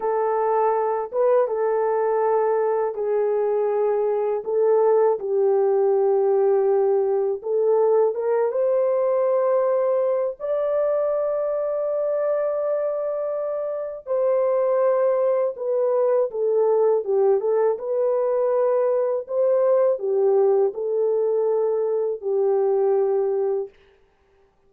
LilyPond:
\new Staff \with { instrumentName = "horn" } { \time 4/4 \tempo 4 = 81 a'4. b'8 a'2 | gis'2 a'4 g'4~ | g'2 a'4 ais'8 c''8~ | c''2 d''2~ |
d''2. c''4~ | c''4 b'4 a'4 g'8 a'8 | b'2 c''4 g'4 | a'2 g'2 | }